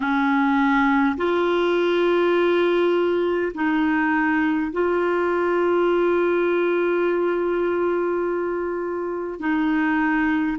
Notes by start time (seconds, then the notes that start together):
0.00 C#4
1.17 F4
3.54 D#4
4.72 F4
9.39 D#4